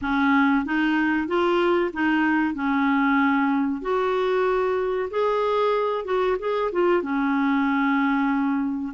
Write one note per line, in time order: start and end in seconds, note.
0.01 0.65 C#4
0.65 1.27 D#4
1.27 1.91 F4
1.93 2.54 D#4
2.54 3.81 C#4
3.81 5.09 F#4
5.10 6.05 G#4
6.05 6.37 F#4
6.39 6.71 G#4
6.72 7.02 F4
7.02 8.93 C#4